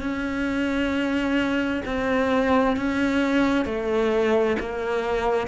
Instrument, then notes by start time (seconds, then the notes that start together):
cello
0.00 C#4
1.85 C4
2.76 C#4
3.65 A3
4.59 A#3